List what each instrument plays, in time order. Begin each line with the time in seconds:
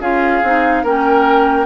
0.00 bassoon C#4, clarinet F4, oboe G#4, flute F5
0.43 bassoon C4, clarinet D#4
0.84 bassoon A#3, clarinet C#4, oboe A#4, flute G5